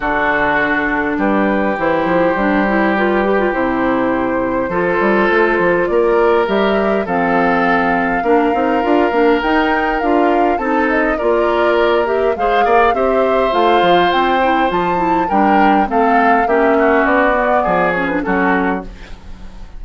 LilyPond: <<
  \new Staff \with { instrumentName = "flute" } { \time 4/4 \tempo 4 = 102 a'2 b'4 c''4~ | c''4 b'4 c''2~ | c''2 d''4 e''4 | f''1 |
g''4 f''4 a''8 dis''8 d''4~ | d''8 e''8 f''4 e''4 f''4 | g''4 a''4 g''4 f''4 | e''4 d''4. cis''16 b'16 a'4 | }
  \new Staff \with { instrumentName = "oboe" } { \time 4/4 fis'2 g'2~ | g'1 | a'2 ais'2 | a'2 ais'2~ |
ais'2 a'4 ais'4~ | ais'4 c''8 d''8 c''2~ | c''2 ais'4 a'4 | g'8 fis'4. gis'4 fis'4 | }
  \new Staff \with { instrumentName = "clarinet" } { \time 4/4 d'2. e'4 | d'8 e'8 f'8 g'16 f'16 e'2 | f'2. g'4 | c'2 d'8 dis'8 f'8 d'8 |
dis'4 f'4 dis'4 f'4~ | f'8 g'8 gis'4 g'4 f'4~ | f'8 e'8 f'8 e'8 d'4 c'4 | cis'4. b4 cis'16 d'16 cis'4 | }
  \new Staff \with { instrumentName = "bassoon" } { \time 4/4 d2 g4 e8 f8 | g2 c2 | f8 g8 a8 f8 ais4 g4 | f2 ais8 c'8 d'8 ais8 |
dis'4 d'4 c'4 ais4~ | ais4 gis8 ais8 c'4 a8 f8 | c'4 f4 g4 a4 | ais4 b4 f4 fis4 | }
>>